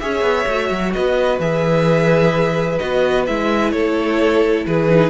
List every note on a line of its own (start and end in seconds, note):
0.00 0.22 C#4
0.00 0.48 G#4
0.00 0.95 C#5
0.00 0.93 E5
0.22 0.45 B3
0.48 0.71 A3
0.48 1.41 F#4
0.71 0.94 F#3
0.93 1.40 B3
0.93 3.74 B4
0.93 1.40 D#5
1.40 2.79 E3
1.40 2.80 G#4
1.40 2.79 E5
2.79 3.29 B3
2.79 3.27 F#4
2.79 3.25 D#5
3.27 3.73 G#3
3.27 4.89 E4
3.27 3.72 E5
3.72 4.66 A3
3.72 4.67 A4
3.72 4.65 C#5
4.67 5.11 E3
4.67 5.11 G#4
4.67 5.11 B4
4.89 5.11 D#4